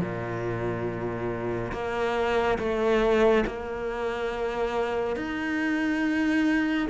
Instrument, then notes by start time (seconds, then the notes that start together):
cello
0.00 A#2
1.72 A#3
2.58 A3
3.46 A#3
5.16 D#4